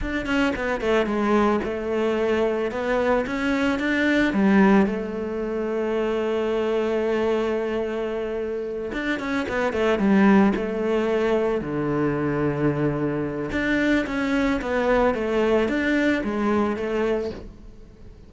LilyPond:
\new Staff \with { instrumentName = "cello" } { \time 4/4 \tempo 4 = 111 d'8 cis'8 b8 a8 gis4 a4~ | a4 b4 cis'4 d'4 | g4 a2.~ | a1~ |
a8 d'8 cis'8 b8 a8 g4 a8~ | a4. d2~ d8~ | d4 d'4 cis'4 b4 | a4 d'4 gis4 a4 | }